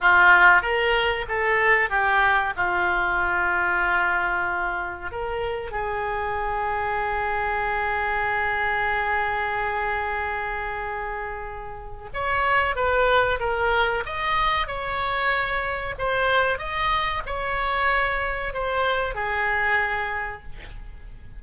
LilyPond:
\new Staff \with { instrumentName = "oboe" } { \time 4/4 \tempo 4 = 94 f'4 ais'4 a'4 g'4 | f'1 | ais'4 gis'2.~ | gis'1~ |
gis'2. cis''4 | b'4 ais'4 dis''4 cis''4~ | cis''4 c''4 dis''4 cis''4~ | cis''4 c''4 gis'2 | }